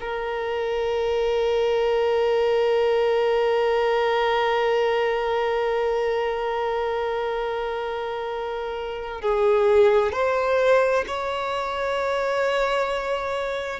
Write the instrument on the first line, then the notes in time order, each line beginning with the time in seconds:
violin
0.00 A#4
9.21 G#4
10.12 C5
11.06 C#5